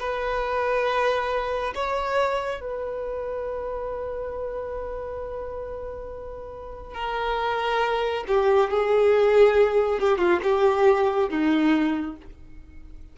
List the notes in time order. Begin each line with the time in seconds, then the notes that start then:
0.00 B4
1.75 C#5
2.61 B4
6.94 A#4
8.28 G4
8.71 G#4
10.00 G4
10.18 F4
10.43 G4
11.30 D#4